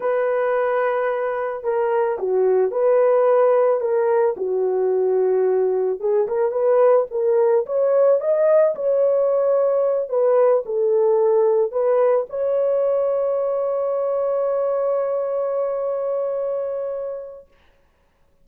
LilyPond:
\new Staff \with { instrumentName = "horn" } { \time 4/4 \tempo 4 = 110 b'2. ais'4 | fis'4 b'2 ais'4 | fis'2. gis'8 ais'8 | b'4 ais'4 cis''4 dis''4 |
cis''2~ cis''8 b'4 a'8~ | a'4. b'4 cis''4.~ | cis''1~ | cis''1 | }